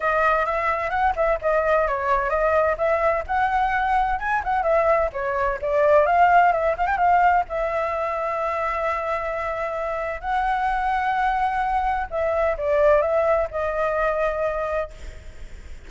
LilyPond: \new Staff \with { instrumentName = "flute" } { \time 4/4 \tempo 4 = 129 dis''4 e''4 fis''8 e''8 dis''4 | cis''4 dis''4 e''4 fis''4~ | fis''4 gis''8 fis''8 e''4 cis''4 | d''4 f''4 e''8 f''16 g''16 f''4 |
e''1~ | e''2 fis''2~ | fis''2 e''4 d''4 | e''4 dis''2. | }